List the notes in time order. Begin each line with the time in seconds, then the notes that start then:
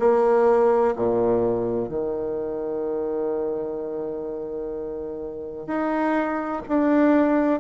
0.00 A#3
0.96 A#2
1.89 D#3
5.68 D#4
6.69 D4